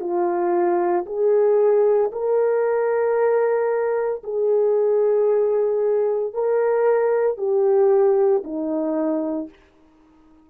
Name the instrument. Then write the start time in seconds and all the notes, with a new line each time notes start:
horn
0.00 F4
1.06 G#4
2.12 A#4
4.23 G#4
6.33 A#4
7.38 G4
8.44 D#4